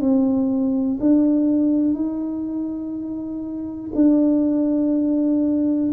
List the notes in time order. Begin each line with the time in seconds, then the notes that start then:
0.00 C4
1.00 D4
1.94 D#4
3.95 D4